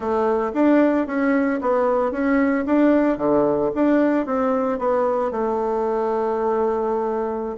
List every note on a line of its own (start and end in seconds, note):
0.00 0.52 A3
0.53 1.06 D4
1.06 1.60 C#4
1.61 2.11 B3
2.11 2.64 C#4
2.66 3.17 D4
3.17 3.70 D3
3.74 4.26 D4
4.26 4.78 C4
4.78 5.31 B3
5.31 7.57 A3